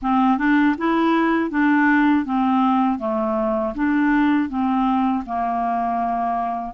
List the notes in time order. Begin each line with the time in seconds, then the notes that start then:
0.02 C4
0.38 D4
0.77 E4
1.50 D4
2.25 C4
2.98 A3
3.75 D4
4.49 C4
5.26 A#3